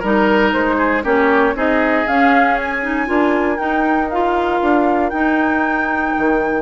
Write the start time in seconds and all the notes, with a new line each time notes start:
0.00 G3 D#4 A#4
0.53 G#3 C5
0.78 G#4
1.04 A#3 C#4 G4 C#5
1.55 C4 D#4 G#4 D#5
2.08 C#4 F5
2.58 G#5
2.83 D#4
3.07 D4 F4 A#4
3.57 D#4 G5
4.10 F4 F5
4.62 D4
5.10 D#4 G5
6.18 D#3